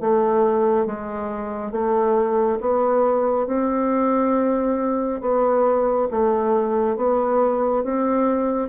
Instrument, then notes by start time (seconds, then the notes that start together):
bassoon
0.00 A3
0.86 G#3
1.72 A3
2.60 B3
3.46 C4
5.21 B3
6.10 A3
6.96 B3
7.83 C4